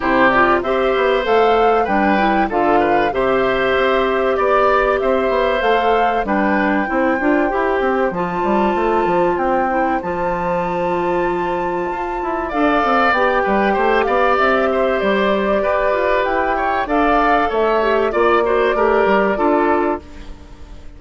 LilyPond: <<
  \new Staff \with { instrumentName = "flute" } { \time 4/4 \tempo 4 = 96 c''8 d''8 e''4 f''4 g''4 | f''4 e''2 d''4 | e''4 f''4 g''2~ | g''4 a''2 g''4 |
a''1 | f''4 g''4. f''8 e''4 | d''2 g''4 f''4 | e''4 d''2. | }
  \new Staff \with { instrumentName = "oboe" } { \time 4/4 g'4 c''2 b'4 | a'8 b'8 c''2 d''4 | c''2 b'4 c''4~ | c''1~ |
c''1 | d''4. b'8 c''8 d''4 c''8~ | c''4 b'4. cis''8 d''4 | cis''4 d''8 c''8 ais'4 a'4 | }
  \new Staff \with { instrumentName = "clarinet" } { \time 4/4 e'8 f'8 g'4 a'4 d'8 e'8 | f'4 g'2.~ | g'4 a'4 d'4 e'8 f'8 | g'4 f'2~ f'8 e'8 |
f'1 | a'4 g'2.~ | g'2. a'4~ | a'8 g'8 f'8 fis'8 g'4 f'4 | }
  \new Staff \with { instrumentName = "bassoon" } { \time 4/4 c4 c'8 b8 a4 g4 | d4 c4 c'4 b4 | c'8 b8 a4 g4 c'8 d'8 | e'8 c'8 f8 g8 a8 f8 c'4 |
f2. f'8 e'8 | d'8 c'8 b8 g8 a8 b8 c'4 | g4 g'8 f'8 e'4 d'4 | a4 ais4 a8 g8 d'4 | }
>>